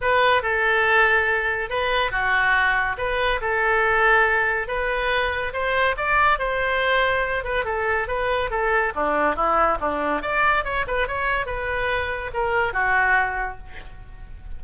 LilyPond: \new Staff \with { instrumentName = "oboe" } { \time 4/4 \tempo 4 = 141 b'4 a'2. | b'4 fis'2 b'4 | a'2. b'4~ | b'4 c''4 d''4 c''4~ |
c''4. b'8 a'4 b'4 | a'4 d'4 e'4 d'4 | d''4 cis''8 b'8 cis''4 b'4~ | b'4 ais'4 fis'2 | }